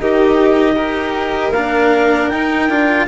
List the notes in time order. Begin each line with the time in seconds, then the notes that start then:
0.00 D#3 D#4 G4 D#5
0.75 D#4 G4 A#4
1.52 A#3 D4 F5
2.29 D#4 G5
2.69 D4 F4